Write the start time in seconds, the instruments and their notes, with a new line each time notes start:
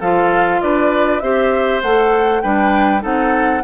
0.00 bassoon F3, clarinet F4, oboe A4, flute F5
0.61 bassoon D4, oboe B4, flute D5
1.20 bassoon C4, clarinet G4, oboe C5, flute E5
1.82 bassoon A3, clarinet A4, flute F#5
2.41 bassoon G3, clarinet D4, oboe B4, flute G5
3.00 bassoon C4, clarinet D#4, oboe A4, flute F#5